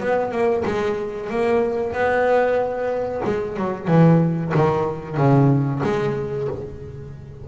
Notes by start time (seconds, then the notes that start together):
0.00 B3
0.31 A#3
0.65 G#3
1.30 A#3
1.92 B3
3.24 G#3
3.57 F#3
3.87 E3
4.55 D#3
5.17 C#3
5.83 G#3